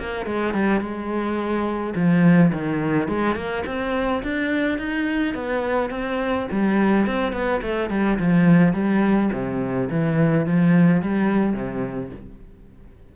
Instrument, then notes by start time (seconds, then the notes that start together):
cello
0.00 A#3
0.26 G#3
0.54 G3
0.81 G#3
1.96 F3
2.53 D#3
3.08 G#3
3.36 A#3
3.66 C4
4.23 D4
4.79 D#4
5.35 B3
5.91 C4
6.52 G3
7.07 C4
7.33 B3
7.62 A3
7.90 G3
8.19 F3
8.74 G3
9.33 C3
9.91 E3
10.47 F3
11.02 G3
11.54 C3